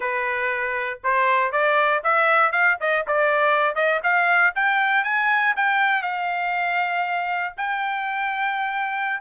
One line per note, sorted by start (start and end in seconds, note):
0.00 0.99 B4
1.03 1.51 C5
1.51 2.02 D5
2.03 2.52 E5
2.52 2.77 F5
2.80 3.05 D#5
3.07 3.75 D5
3.75 4.00 D#5
4.03 4.53 F5
4.55 5.04 G5
5.04 5.54 G#5
5.56 6.02 G5
6.02 7.53 F5
7.57 9.20 G5